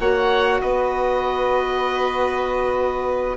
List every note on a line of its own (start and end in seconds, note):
0.00 0.61 A#3
0.00 3.37 F#4
0.00 0.61 C#5
0.00 0.61 F#5
0.61 3.38 B3
0.61 3.38 B4
0.61 3.37 D#5